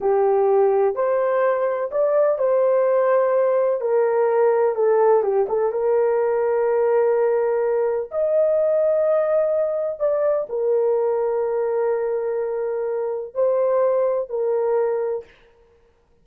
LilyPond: \new Staff \with { instrumentName = "horn" } { \time 4/4 \tempo 4 = 126 g'2 c''2 | d''4 c''2. | ais'2 a'4 g'8 a'8 | ais'1~ |
ais'4 dis''2.~ | dis''4 d''4 ais'2~ | ais'1 | c''2 ais'2 | }